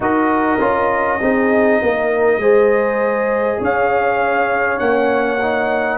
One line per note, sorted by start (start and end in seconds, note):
0.00 0.58 D#4
0.00 0.59 F#4
0.00 1.21 A#4
0.00 3.62 D#5
0.59 1.20 C#4
0.59 1.19 F4
1.21 1.81 C4
1.21 2.41 D#4
1.21 1.81 G#4
1.82 2.37 A#3
1.82 2.40 A#4
2.37 3.57 G#3
2.37 4.79 G#4
2.37 3.60 C5
3.60 4.80 C#4
3.60 5.97 C#5
3.60 4.79 F5
4.79 5.97 A#3
4.79 5.38 C#4
4.79 5.97 F#5
5.42 5.97 D#4